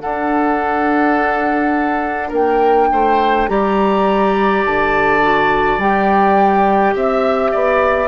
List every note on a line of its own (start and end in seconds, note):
0.00 3.48 D4
0.00 2.32 D4
0.00 2.29 A4
0.00 2.31 F#5
2.29 2.90 A#3
2.29 2.86 A#4
2.29 3.48 G5
2.92 3.49 A3
2.92 3.50 C5
3.48 4.64 G3
3.48 5.21 G4
3.48 6.95 D5
3.48 4.64 A#5
4.65 5.78 D3
4.65 5.80 A5
5.22 5.80 F#4
5.78 6.93 G3
5.78 8.08 G4
5.78 6.96 G5
6.95 7.53 C4
6.95 7.51 E5
6.95 8.08 E5
7.51 8.08 B3
7.51 8.08 D5